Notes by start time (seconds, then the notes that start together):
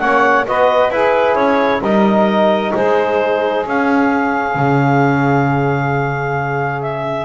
0.00 A#3 C#4 C#5 F#5
0.46 B3 F#4 B4 D#5
0.90 E4 G#4 B4
1.35 C#4 C#5
1.81 G3 D#4 A#4 D#5
2.74 G#3 G#4 C5
3.65 C#4 F5
4.55 C#3
6.82 E5